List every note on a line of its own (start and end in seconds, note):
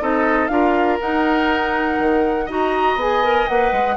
0.00 0.48 C4
0.00 0.49 D#4
0.00 0.51 A4
0.00 0.47 D#5
0.47 0.98 D4
0.47 0.99 F4
0.47 2.45 A#4
0.47 0.97 F5
1.01 1.99 D#4
1.01 2.48 D#4
1.01 2.49 F#5
1.99 2.48 D#3
2.45 2.95 D#4
2.45 2.98 F#4
2.45 3.94 D#5
2.45 3.00 A#5
2.95 3.45 B3
2.95 3.23 G#4
2.95 3.48 G#5
3.23 3.48 A#4
3.48 3.72 A#3
3.48 3.96 B4
3.48 3.96 F#5
3.72 3.96 G#3